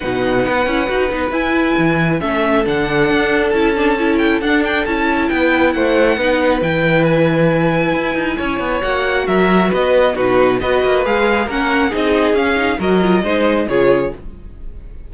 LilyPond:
<<
  \new Staff \with { instrumentName = "violin" } { \time 4/4 \tempo 4 = 136 fis''2. gis''4~ | gis''4 e''4 fis''2 | a''4. g''8 fis''8 g''8 a''4 | g''4 fis''2 g''4 |
gis''1 | fis''4 e''4 dis''4 b'4 | dis''4 f''4 fis''4 dis''4 | f''4 dis''2 cis''4 | }
  \new Staff \with { instrumentName = "violin" } { \time 4/4 b'1~ | b'4 a'2.~ | a'1 | b'4 c''4 b'2~ |
b'2. cis''4~ | cis''4 ais'4 b'4 fis'4 | b'2 ais'4 gis'4~ | gis'4 ais'4 c''4 gis'4 | }
  \new Staff \with { instrumentName = "viola" } { \time 4/4 dis'4. e'8 fis'8 dis'8 e'4~ | e'4 cis'4 d'2 | e'8 d'8 e'4 d'4 e'4~ | e'2 dis'4 e'4~ |
e'1 | fis'2. dis'4 | fis'4 gis'4 cis'4 dis'4 | cis'8 dis'8 fis'8 f'8 dis'4 f'4 | }
  \new Staff \with { instrumentName = "cello" } { \time 4/4 b,4 b8 cis'8 dis'8 b8 e'4 | e4 a4 d4 d'4 | cis'2 d'4 cis'4 | b4 a4 b4 e4~ |
e2 e'8 dis'8 cis'8 b8 | ais4 fis4 b4 b,4 | b8 ais8 gis4 ais4 c'4 | cis'4 fis4 gis4 cis4 | }
>>